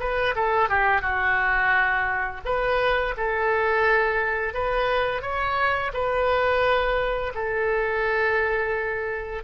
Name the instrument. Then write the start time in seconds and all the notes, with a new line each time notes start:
oboe
0.00 B4
0.36 A4
0.69 G4
1.01 F#4
2.45 B4
3.17 A4
4.54 B4
5.22 C#5
5.94 B4
7.35 A4